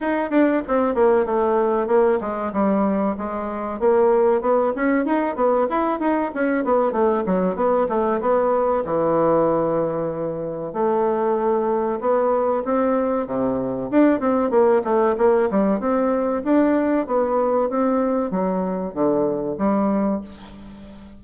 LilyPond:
\new Staff \with { instrumentName = "bassoon" } { \time 4/4 \tempo 4 = 95 dis'8 d'8 c'8 ais8 a4 ais8 gis8 | g4 gis4 ais4 b8 cis'8 | dis'8 b8 e'8 dis'8 cis'8 b8 a8 fis8 | b8 a8 b4 e2~ |
e4 a2 b4 | c'4 c4 d'8 c'8 ais8 a8 | ais8 g8 c'4 d'4 b4 | c'4 fis4 d4 g4 | }